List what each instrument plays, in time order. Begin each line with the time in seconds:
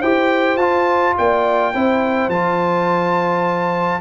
0.00 tuba E4, trombone G4, horn C5, trumpet G5
0.56 tuba F4, trombone F4, trumpet A5
1.18 tuba A#3, horn D5, trumpet G5
1.74 tuba C4, trombone E4, horn C5
2.28 tuba F3, trombone F4, trumpet A5